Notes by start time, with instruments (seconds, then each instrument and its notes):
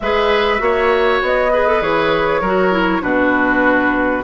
0.00 bassoon G#3, clarinet G#4, oboe B4, flute E5
0.58 bassoon A#3, clarinet F#4, oboe C#5
1.21 bassoon B3, flute D#5
1.52 clarinet G#4, oboe B4
1.67 clarinet A4
1.81 bassoon E3, clarinet G#4, flute C#5
2.40 bassoon F#3, clarinet F#4, oboe A#4
2.71 clarinet E4
3.01 bassoon B2, clarinet D4, oboe F#4, flute B4